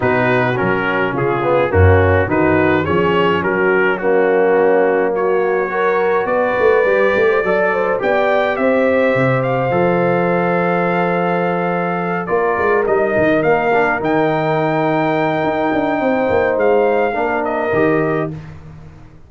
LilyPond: <<
  \new Staff \with { instrumentName = "trumpet" } { \time 4/4 \tempo 4 = 105 b'4 ais'4 gis'4 fis'4 | b'4 cis''4 ais'4 fis'4~ | fis'4 cis''2 d''4~ | d''2 g''4 e''4~ |
e''8 f''2.~ f''8~ | f''4. d''4 dis''4 f''8~ | f''8 g''2.~ g''8~ | g''4 f''4. dis''4. | }
  \new Staff \with { instrumentName = "horn" } { \time 4/4 fis'2 f'4 cis'4 | fis'4 gis'4 fis'4 cis'4~ | cis'4 fis'4 ais'4 b'4~ | b'8. c''16 d''8 c''8 d''4 c''4~ |
c''1~ | c''4. ais'2~ ais'8~ | ais'1 | c''2 ais'2 | }
  \new Staff \with { instrumentName = "trombone" } { \time 4/4 dis'4 cis'4. b8 ais4 | dis'4 cis'2 ais4~ | ais2 fis'2 | g'4 a'4 g'2~ |
g'4 a'2.~ | a'4. f'4 dis'4. | d'8 dis'2.~ dis'8~ | dis'2 d'4 g'4 | }
  \new Staff \with { instrumentName = "tuba" } { \time 4/4 b,4 fis4 cis4 fis,4 | dis4 f4 fis2~ | fis2. b8 a8 | g8 a8 fis4 b4 c'4 |
c4 f2.~ | f4. ais8 gis8 g8 dis8 ais8~ | ais8 dis2~ dis8 dis'8 d'8 | c'8 ais8 gis4 ais4 dis4 | }
>>